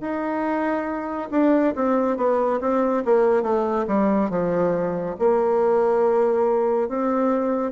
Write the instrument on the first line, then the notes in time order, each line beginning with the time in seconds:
bassoon
0.00 D#4
1.31 D4
1.75 C4
2.17 B3
2.60 C4
3.05 A#3
3.42 A3
3.87 G3
4.30 F3
5.19 A#3
6.88 C4